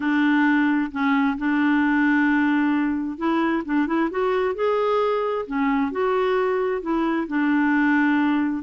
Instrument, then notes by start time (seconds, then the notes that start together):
clarinet
0.00 D4
0.91 C#4
1.37 D4
3.17 E4
3.65 D4
3.86 E4
4.10 F#4
4.54 G#4
5.46 C#4
5.91 F#4
6.81 E4
7.27 D4